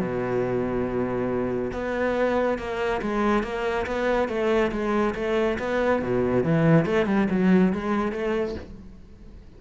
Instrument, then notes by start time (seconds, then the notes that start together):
cello
0.00 B2
1.73 B3
2.58 A#3
3.02 G#3
3.43 A#3
3.86 B3
4.28 A3
4.72 G#3
5.15 A3
5.59 B3
6.02 B2
6.43 E3
6.85 A3
7.06 G3
7.30 F#3
7.73 G#3
8.12 A3